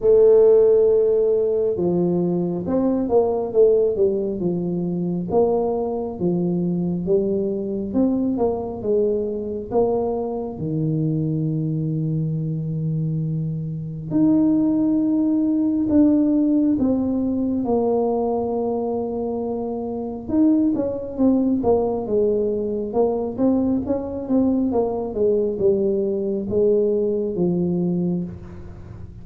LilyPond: \new Staff \with { instrumentName = "tuba" } { \time 4/4 \tempo 4 = 68 a2 f4 c'8 ais8 | a8 g8 f4 ais4 f4 | g4 c'8 ais8 gis4 ais4 | dis1 |
dis'2 d'4 c'4 | ais2. dis'8 cis'8 | c'8 ais8 gis4 ais8 c'8 cis'8 c'8 | ais8 gis8 g4 gis4 f4 | }